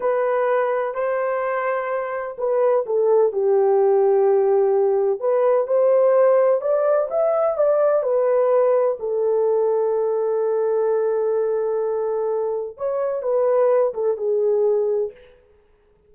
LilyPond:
\new Staff \with { instrumentName = "horn" } { \time 4/4 \tempo 4 = 127 b'2 c''2~ | c''4 b'4 a'4 g'4~ | g'2. b'4 | c''2 d''4 e''4 |
d''4 b'2 a'4~ | a'1~ | a'2. cis''4 | b'4. a'8 gis'2 | }